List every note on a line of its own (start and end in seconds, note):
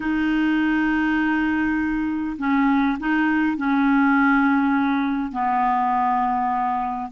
0.00 2.36 D#4
2.38 2.97 C#4
2.99 3.57 D#4
3.57 5.32 C#4
5.32 7.10 B3